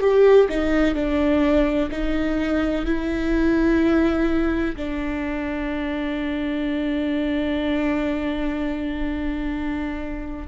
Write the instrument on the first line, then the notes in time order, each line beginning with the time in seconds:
viola
0.00 G4
0.49 D#4
0.94 D4
1.91 D#4
2.85 E4
4.76 D4